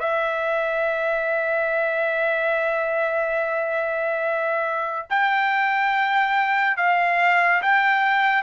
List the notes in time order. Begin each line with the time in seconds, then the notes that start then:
0.00 E5
5.10 G5
6.77 F5
7.62 G5